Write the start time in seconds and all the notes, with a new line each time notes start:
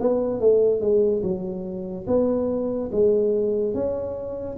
0.00 B3
0.40 A3
0.80 G#3
1.22 F#3
2.07 B3
2.92 G#3
3.74 C#4